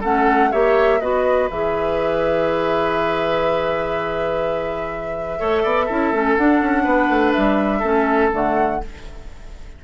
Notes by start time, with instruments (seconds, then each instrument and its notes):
0.00 bassoon A3, clarinet C#4, oboe A4, flute F#5
0.51 bassoon A#3, clarinet G4, oboe C#5, flute E5
1.01 bassoon B3, clarinet F#4, oboe B4, flute D#5
1.50 bassoon E3, clarinet G#4, flute E5
5.39 bassoon A3, clarinet A4, oboe C#5
5.62 bassoon B3, oboe D5
5.85 bassoon C#4, clarinet E4, oboe A4
6.12 bassoon A3, clarinet C#4
6.36 bassoon D4, clarinet D4, flute F#5
6.61 bassoon C#4
6.83 bassoon B3, oboe B4
7.09 bassoon A3
7.32 bassoon G3, flute E5
7.79 bassoon A3, clarinet C#4, oboe A4
8.32 bassoon D3, clarinet A3, flute F#5